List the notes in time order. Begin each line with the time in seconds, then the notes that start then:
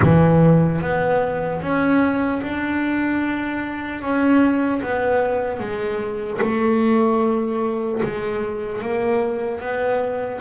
0.02 E3
0.81 B3
1.61 C#4
2.42 D4
4.01 C#4
4.82 B3
5.59 G#3
6.41 A3
8.02 G#3
8.81 A#3
9.60 B3